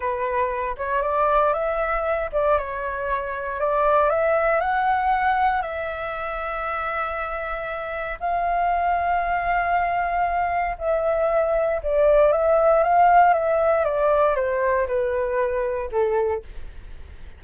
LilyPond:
\new Staff \with { instrumentName = "flute" } { \time 4/4 \tempo 4 = 117 b'4. cis''8 d''4 e''4~ | e''8 d''8 cis''2 d''4 | e''4 fis''2 e''4~ | e''1 |
f''1~ | f''4 e''2 d''4 | e''4 f''4 e''4 d''4 | c''4 b'2 a'4 | }